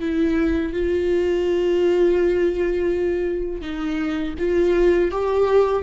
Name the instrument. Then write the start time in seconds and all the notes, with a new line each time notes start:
viola
0.00 E4
0.73 F4
3.61 D#4
4.38 F4
5.11 G4